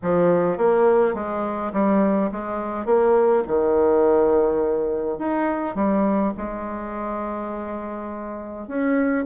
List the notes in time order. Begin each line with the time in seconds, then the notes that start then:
0.02 F3
0.57 A#3
1.14 G#3
1.72 G3
2.31 G#3
2.85 A#3
3.47 D#3
5.18 D#4
5.75 G3
6.37 G#3
8.67 C#4